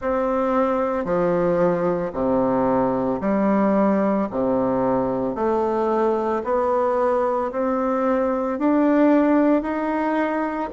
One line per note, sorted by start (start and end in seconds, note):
0.00 1.04 C4
1.04 2.11 F3
2.13 3.20 C3
3.20 4.28 G3
4.31 5.35 C3
5.35 6.42 A3
6.44 7.51 B3
7.51 8.59 C4
8.59 9.62 D4
9.62 10.69 D#4